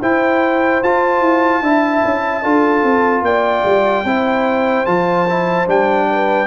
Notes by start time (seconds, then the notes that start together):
0.00 E4 C5 G5
0.83 F4 A5
1.20 E4
1.61 D4 E4 E5
2.04 C#4
2.42 D4 F4 A4
2.83 C4
3.21 A#3 D5 G5
3.64 G3
4.04 C4 E4 C5
4.85 F3 F4 A5
5.29 E4
5.66 G3 D4 G5
6.10 B4